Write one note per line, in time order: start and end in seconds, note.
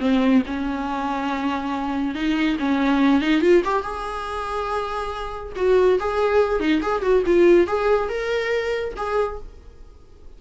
0.00 0.43 C4
0.47 2.15 C#4
2.15 2.57 D#4
2.59 3.21 C#4
3.21 3.41 D#4
3.41 3.63 F4
3.65 3.83 G4
3.83 5.53 G#4
5.56 5.99 F#4
6.00 6.60 G#4
6.60 6.82 D#4
6.82 7.02 G#4
7.02 7.24 F#4
7.26 7.67 F4
7.67 8.09 G#4
8.09 8.94 A#4
8.97 9.39 G#4